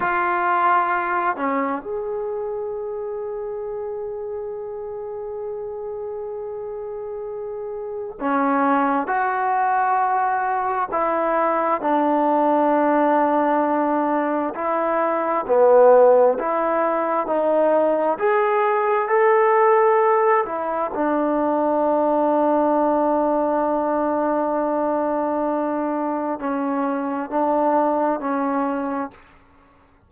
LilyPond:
\new Staff \with { instrumentName = "trombone" } { \time 4/4 \tempo 4 = 66 f'4. cis'8 gis'2~ | gis'1~ | gis'4 cis'4 fis'2 | e'4 d'2. |
e'4 b4 e'4 dis'4 | gis'4 a'4. e'8 d'4~ | d'1~ | d'4 cis'4 d'4 cis'4 | }